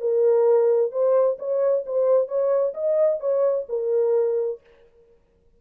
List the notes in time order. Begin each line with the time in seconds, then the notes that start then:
0.00 A#4
0.91 C5
1.38 C#5
1.85 C5
2.28 C#5
2.74 D#5
3.19 C#5
3.68 A#4